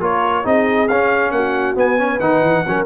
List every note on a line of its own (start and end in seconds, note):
0.00 0.44 A#3
0.00 0.44 F4
0.00 0.43 A#4
0.00 0.46 C#5
0.43 0.89 C4
0.43 0.88 D#4
0.43 1.32 G#4
0.43 0.88 D#5
0.88 1.31 C#4
0.88 1.76 C#4
0.88 1.31 F5
1.31 1.75 A#3
1.31 1.99 F#4
1.31 1.75 F#5
1.76 1.98 B3
1.76 2.20 B3
1.76 2.20 G#5
1.98 2.20 C#4
1.98 2.65 B4
2.20 2.42 D#3
2.20 2.65 D#4
2.20 2.85 F#5
2.42 2.64 E3
2.67 2.85 F#3
2.67 2.85 C#4
2.67 2.85 A#4